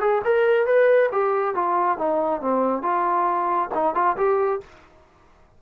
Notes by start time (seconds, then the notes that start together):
0.00 G#4
0.24 A#4
0.66 B4
1.12 G4
1.54 F4
1.97 D#4
2.41 C4
2.82 F4
3.74 D#4
3.94 F4
4.16 G4